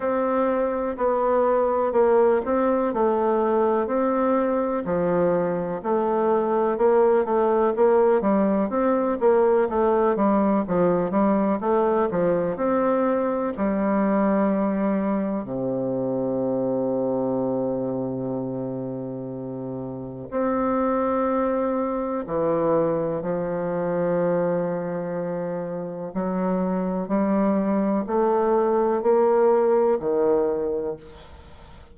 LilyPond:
\new Staff \with { instrumentName = "bassoon" } { \time 4/4 \tempo 4 = 62 c'4 b4 ais8 c'8 a4 | c'4 f4 a4 ais8 a8 | ais8 g8 c'8 ais8 a8 g8 f8 g8 | a8 f8 c'4 g2 |
c1~ | c4 c'2 e4 | f2. fis4 | g4 a4 ais4 dis4 | }